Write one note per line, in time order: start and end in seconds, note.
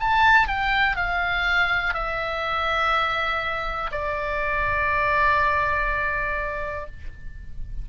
0.00 0.47 A5
0.47 0.96 G5
0.96 1.94 F5
1.94 3.90 E5
3.91 6.86 D5